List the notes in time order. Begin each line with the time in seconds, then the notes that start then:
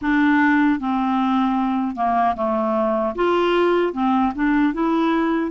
0.01 D4
0.79 C4
1.96 A#3
2.35 A3
3.15 F4
3.93 C4
4.35 D4
4.73 E4